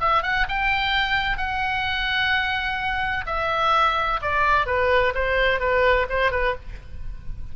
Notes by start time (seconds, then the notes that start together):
0.00 E5
0.23 F#5
0.48 G5
1.37 F#5
3.26 E5
4.21 D5
4.66 B4
5.14 C5
5.60 B4
6.09 C5
6.31 B4